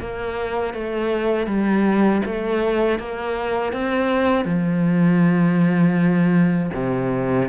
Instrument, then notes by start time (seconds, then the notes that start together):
cello
0.00 A#3
0.74 A3
1.46 G3
2.25 A3
2.99 A#3
3.72 C4
4.45 F3
6.74 C3